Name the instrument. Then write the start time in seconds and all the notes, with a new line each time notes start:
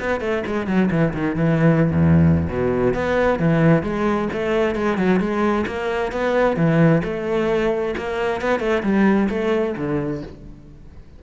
cello
0.00 B3
0.20 A3
0.46 G#3
0.67 F#3
0.90 E3
1.14 D#3
1.36 E3
1.91 E2
2.49 B2
2.94 B3
3.39 E3
3.83 G#3
4.33 A3
4.75 G#3
4.97 F#3
5.20 G#3
5.67 A#3
6.12 B3
6.56 E3
7.04 A3
7.97 A#3
8.41 B3
8.60 A3
8.83 G3
9.29 A3
9.77 D3